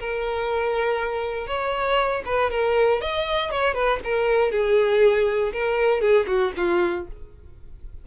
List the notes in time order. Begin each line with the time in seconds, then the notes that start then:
0.00 A#4
1.47 C#5
2.25 B4
2.51 A#4
3.01 D#5
3.51 C#5
3.74 B4
4.04 A#4
4.51 G#4
5.53 A#4
6.01 G#4
6.27 F#4
6.57 F4